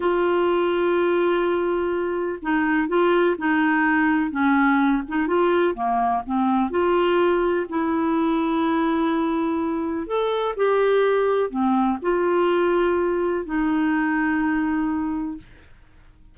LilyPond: \new Staff \with { instrumentName = "clarinet" } { \time 4/4 \tempo 4 = 125 f'1~ | f'4 dis'4 f'4 dis'4~ | dis'4 cis'4. dis'8 f'4 | ais4 c'4 f'2 |
e'1~ | e'4 a'4 g'2 | c'4 f'2. | dis'1 | }